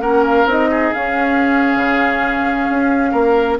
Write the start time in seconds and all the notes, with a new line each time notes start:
0.00 A#3 C#4 A#4 F#5
0.26 F5
0.45 C4 D#4 D#5
0.70 G#4
0.93 C#4 F5
1.76 C#3
2.70 C#4
3.12 A#3 A#4